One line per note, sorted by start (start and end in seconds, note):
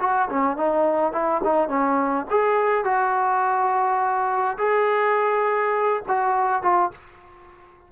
0.00 0.29 F#4
0.29 0.57 C#4
0.57 1.12 D#4
1.12 1.41 E4
1.44 1.68 D#4
1.68 2.26 C#4
2.30 2.84 G#4
2.84 4.57 F#4
4.58 6.02 G#4
6.08 6.62 F#4
6.62 6.91 F4